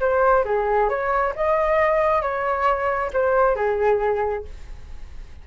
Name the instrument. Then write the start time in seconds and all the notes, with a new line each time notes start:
flute
0.00 C5
0.45 G#4
0.89 C#5
1.36 D#5
2.22 C#5
3.13 C5
3.56 G#4